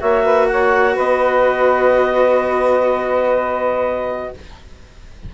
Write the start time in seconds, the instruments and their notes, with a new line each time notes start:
0.00 bassoon A#3, cello F#4, saxophone C#5, clarinet E5
0.24 saxophone B4
0.48 saxophone C#5, clarinet F#5
0.95 bassoon B3, saxophone B4, clarinet D#5